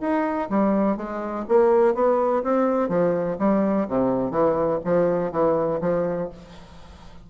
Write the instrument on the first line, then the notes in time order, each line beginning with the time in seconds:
bassoon
0.00 D#4
0.49 G3
0.96 G#3
1.48 A#3
1.94 B3
2.43 C4
2.89 F3
3.38 G3
3.88 C3
4.30 E3
4.84 F3
5.31 E3
5.80 F3